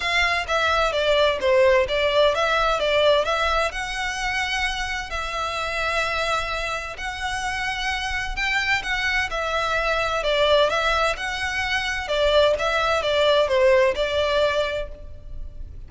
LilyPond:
\new Staff \with { instrumentName = "violin" } { \time 4/4 \tempo 4 = 129 f''4 e''4 d''4 c''4 | d''4 e''4 d''4 e''4 | fis''2. e''4~ | e''2. fis''4~ |
fis''2 g''4 fis''4 | e''2 d''4 e''4 | fis''2 d''4 e''4 | d''4 c''4 d''2 | }